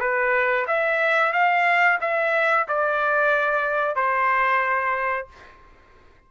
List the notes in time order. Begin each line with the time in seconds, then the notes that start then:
0.00 B4
0.67 E5
1.33 F5
2.01 E5
2.68 D5
3.96 C5